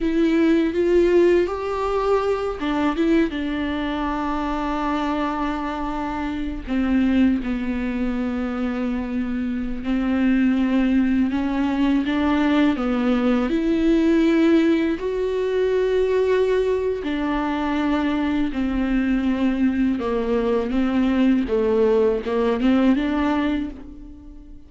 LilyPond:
\new Staff \with { instrumentName = "viola" } { \time 4/4 \tempo 4 = 81 e'4 f'4 g'4. d'8 | e'8 d'2.~ d'8~ | d'4 c'4 b2~ | b4~ b16 c'2 cis'8.~ |
cis'16 d'4 b4 e'4.~ e'16~ | e'16 fis'2~ fis'8. d'4~ | d'4 c'2 ais4 | c'4 a4 ais8 c'8 d'4 | }